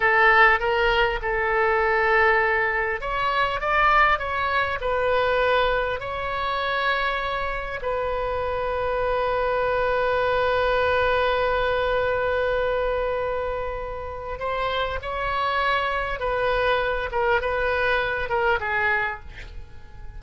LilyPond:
\new Staff \with { instrumentName = "oboe" } { \time 4/4 \tempo 4 = 100 a'4 ais'4 a'2~ | a'4 cis''4 d''4 cis''4 | b'2 cis''2~ | cis''4 b'2.~ |
b'1~ | b'1 | c''4 cis''2 b'4~ | b'8 ais'8 b'4. ais'8 gis'4 | }